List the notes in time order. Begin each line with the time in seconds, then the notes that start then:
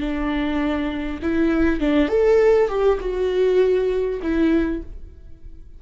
0.00 D4
1.22 E4
1.80 D4
2.09 A4
2.69 G4
3.00 F#4
4.22 E4